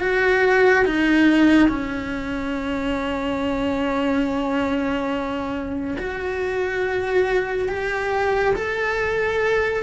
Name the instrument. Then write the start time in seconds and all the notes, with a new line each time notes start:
cello
0.00 F#4
0.85 D#4
1.68 C#4
5.98 F#4
7.68 G4
8.55 A4